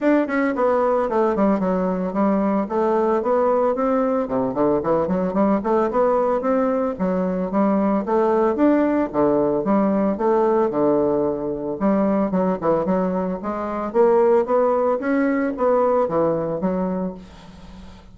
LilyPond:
\new Staff \with { instrumentName = "bassoon" } { \time 4/4 \tempo 4 = 112 d'8 cis'8 b4 a8 g8 fis4 | g4 a4 b4 c'4 | c8 d8 e8 fis8 g8 a8 b4 | c'4 fis4 g4 a4 |
d'4 d4 g4 a4 | d2 g4 fis8 e8 | fis4 gis4 ais4 b4 | cis'4 b4 e4 fis4 | }